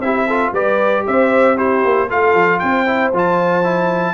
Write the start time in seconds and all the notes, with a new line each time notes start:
0.00 C4 E4 G4 E5
0.27 F4 A4
0.53 G3 G4 B4 D5
1.07 C4 C5 E5
1.57 E4 G4 C5
1.85 A#3
2.09 A3 F4 A4 F5
2.34 F3
2.59 C4 C5 G5
2.87 E4
3.13 F3 F4 A5
3.64 E4